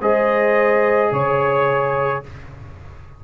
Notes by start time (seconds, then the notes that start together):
0.00 G#3 G#4 C5 D#5
1.11 C#3 C#5